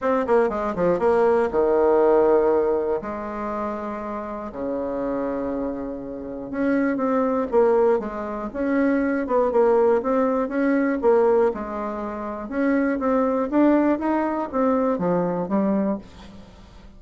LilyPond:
\new Staff \with { instrumentName = "bassoon" } { \time 4/4 \tempo 4 = 120 c'8 ais8 gis8 f8 ais4 dis4~ | dis2 gis2~ | gis4 cis2.~ | cis4 cis'4 c'4 ais4 |
gis4 cis'4. b8 ais4 | c'4 cis'4 ais4 gis4~ | gis4 cis'4 c'4 d'4 | dis'4 c'4 f4 g4 | }